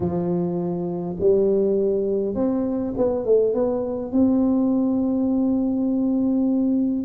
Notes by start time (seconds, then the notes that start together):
0.00 F3
1.20 G3
2.34 C4
2.97 B3
3.25 A3
3.53 B3
4.12 C4